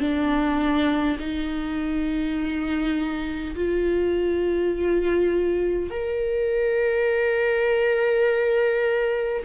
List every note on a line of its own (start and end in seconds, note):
0.00 1.18 D4
1.19 3.55 D#4
3.55 5.90 F4
5.90 9.43 A#4